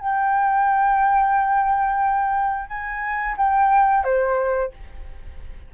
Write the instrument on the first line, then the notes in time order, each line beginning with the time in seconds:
flute
0.00 G5
2.69 G#5
3.37 G5
4.04 C5